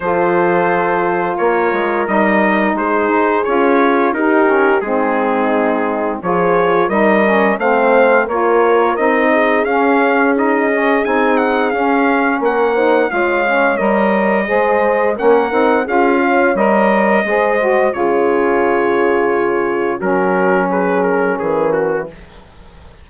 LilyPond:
<<
  \new Staff \with { instrumentName = "trumpet" } { \time 4/4 \tempo 4 = 87 c''2 cis''4 dis''4 | c''4 cis''4 ais'4 gis'4~ | gis'4 cis''4 dis''4 f''4 | cis''4 dis''4 f''4 dis''4 |
gis''8 fis''8 f''4 fis''4 f''4 | dis''2 fis''4 f''4 | dis''2 cis''2~ | cis''4 ais'4 b'8 ais'8 gis'8 fis'8 | }
  \new Staff \with { instrumentName = "horn" } { \time 4/4 a'2 ais'2 | gis'2 g'4 dis'4~ | dis'4 gis'4 ais'4 c''4 | ais'4. gis'2~ gis'8~ |
gis'2 ais'8 c''8 cis''4~ | cis''4 c''4 ais'4 gis'8 cis''8~ | cis''4 c''4 gis'2~ | gis'4 fis'4 gis'4 ais'4 | }
  \new Staff \with { instrumentName = "saxophone" } { \time 4/4 f'2. dis'4~ | dis'4 f'4 dis'8 cis'8 c'4~ | c'4 f'4 dis'8 cis'8 c'4 | f'4 dis'4 cis'4 dis'8 cis'8 |
dis'4 cis'4. dis'8 f'8 cis'8 | ais'4 gis'4 cis'8 dis'8 f'4 | ais'4 gis'8 fis'8 f'2~ | f'4 cis'2. | }
  \new Staff \with { instrumentName = "bassoon" } { \time 4/4 f2 ais8 gis8 g4 | gis8 dis'8 cis'4 dis'4 gis4~ | gis4 f4 g4 a4 | ais4 c'4 cis'2 |
c'4 cis'4 ais4 gis4 | g4 gis4 ais8 c'8 cis'4 | g4 gis4 cis2~ | cis4 fis2 e4 | }
>>